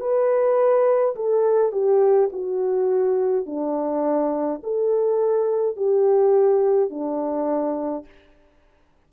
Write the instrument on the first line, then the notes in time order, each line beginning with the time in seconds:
horn
0.00 B4
1.15 A4
1.72 G4
2.32 F#4
3.46 D4
4.63 A4
5.76 G4
6.90 D4